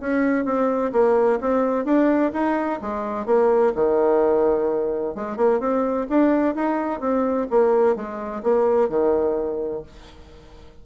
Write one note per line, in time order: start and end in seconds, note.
0.00 0.45 C#4
0.45 0.92 C4
0.92 1.39 A#3
1.41 1.85 C4
1.85 2.32 D4
2.33 2.80 D#4
2.81 3.26 G#3
3.26 3.73 A#3
3.75 5.15 D#3
5.15 5.37 G#3
5.37 5.60 A#3
5.60 6.07 C4
6.10 6.55 D4
6.55 7.00 D#4
7.00 7.47 C4
7.50 7.96 A#3
7.96 8.42 G#3
8.43 8.89 A#3
8.89 9.83 D#3